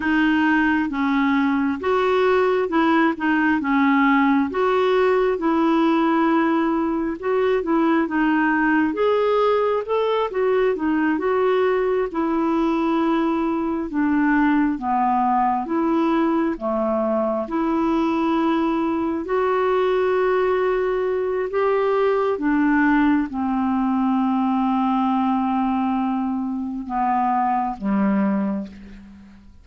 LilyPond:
\new Staff \with { instrumentName = "clarinet" } { \time 4/4 \tempo 4 = 67 dis'4 cis'4 fis'4 e'8 dis'8 | cis'4 fis'4 e'2 | fis'8 e'8 dis'4 gis'4 a'8 fis'8 | dis'8 fis'4 e'2 d'8~ |
d'8 b4 e'4 a4 e'8~ | e'4. fis'2~ fis'8 | g'4 d'4 c'2~ | c'2 b4 g4 | }